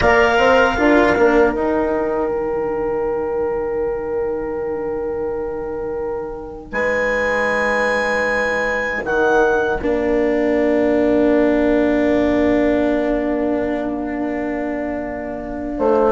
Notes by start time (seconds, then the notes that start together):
0.00 A#3 A#4 D5 F5
0.38 C4 C5
0.77 D4 F4 A#4
1.16 A#3 D4
1.52 D#4 G5
2.29 D#3
6.72 G#3 B4 G#5
9.02 D#3 A#4 F#5
9.78 A#3 D4 F5
15.77 A3 C5